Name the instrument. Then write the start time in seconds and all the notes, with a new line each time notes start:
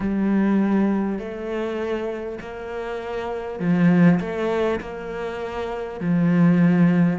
cello
0.00 G3
1.18 A3
2.41 A#3
3.59 F3
4.20 A3
4.80 A#3
6.00 F3